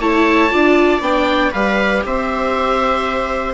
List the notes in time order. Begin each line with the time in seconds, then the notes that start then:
0.00 A3 E4 C#5 A5
0.50 D4 F4 D5
1.01 B3 D4 G5
1.52 G3 G4 B4 F5
2.05 C4 C5 E5